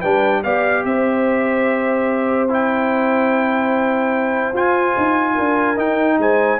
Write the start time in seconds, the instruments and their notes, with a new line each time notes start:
0.00 tuba G3, trombone D4, horn B4, trumpet G5
0.43 tuba B3, trombone G4, horn D5, trumpet F5
0.85 tuba C4, horn C5, trumpet E5
2.49 trombone E4, trumpet G5
4.53 tuba F4, trombone F4, trumpet G#5
4.97 tuba D#4
5.35 tuba D4, horn A#4
5.76 trombone D#4, tuba D#4, trumpet G5
6.18 tuba G#3, horn C5, trumpet G#5